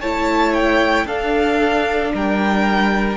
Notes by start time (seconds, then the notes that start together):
0.00 A3 E4 C#5 A5
0.54 G5
1.05 D4 A4 F5
2.13 G3 A#4 G5